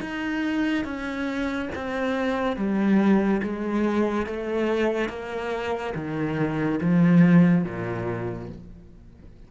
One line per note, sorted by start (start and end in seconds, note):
0.00 0.84 D#4
0.84 1.69 C#4
1.75 2.57 C4
2.57 3.41 G3
3.43 4.26 G#3
4.26 5.09 A3
5.09 5.93 A#3
5.95 6.80 D#3
6.81 7.64 F3
7.64 8.49 A#2